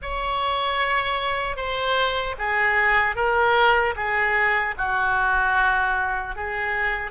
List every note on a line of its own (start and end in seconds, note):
0.02 1.56 C#5
1.56 2.35 C5
2.38 3.15 G#4
3.15 3.94 A#4
3.95 4.74 G#4
4.77 6.35 F#4
6.35 7.11 G#4